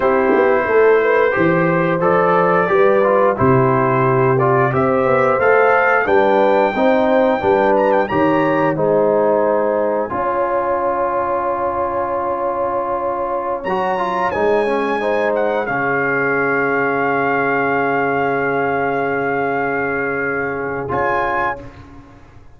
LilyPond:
<<
  \new Staff \with { instrumentName = "trumpet" } { \time 4/4 \tempo 4 = 89 c''2. d''4~ | d''4 c''4. d''8 e''4 | f''4 g''2~ g''8 ais''16 g''16 | ais''4 gis''2.~ |
gis''1~ | gis''16 ais''4 gis''4. fis''8 f''8.~ | f''1~ | f''2. gis''4 | }
  \new Staff \with { instrumentName = "horn" } { \time 4/4 g'4 a'8 b'8 c''2 | b'4 g'2 c''4~ | c''4 b'4 c''4 b'4 | cis''4 c''2 cis''4~ |
cis''1~ | cis''2~ cis''16 c''4 gis'8.~ | gis'1~ | gis'1 | }
  \new Staff \with { instrumentName = "trombone" } { \time 4/4 e'2 g'4 a'4 | g'8 f'8 e'4. f'8 g'4 | a'4 d'4 dis'4 d'4 | g'4 dis'2 f'4~ |
f'1~ | f'16 fis'8 f'8 dis'8 cis'8 dis'4 cis'8.~ | cis'1~ | cis'2. f'4 | }
  \new Staff \with { instrumentName = "tuba" } { \time 4/4 c'8 b8 a4 e4 f4 | g4 c2 c'8 b8 | a4 g4 c'4 g4 | dis4 gis2 cis'4~ |
cis'1~ | cis'16 fis4 gis2 cis8.~ | cis1~ | cis2. cis'4 | }
>>